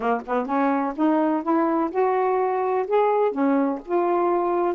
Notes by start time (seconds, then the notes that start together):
0.00 A#3
0.26 B3
0.46 C#4
0.95 D#4
1.42 E4
1.90 F#4
2.87 G#4
3.31 C#4
3.85 F4